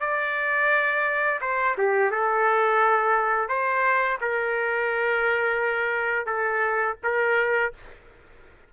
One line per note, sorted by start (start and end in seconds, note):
0.00 1.40 D5
1.41 1.76 C5
1.77 2.11 G4
2.11 3.48 A4
3.48 4.18 C5
4.21 6.26 A#4
6.26 6.96 A4
7.03 7.73 A#4